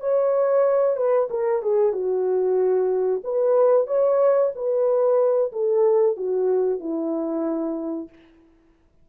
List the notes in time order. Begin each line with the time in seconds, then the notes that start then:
0.00 C#5
0.96 B4
1.30 A#4
1.62 G#4
1.92 F#4
3.23 B4
3.87 C#5
4.55 B4
5.52 A4
6.16 F#4
6.79 E4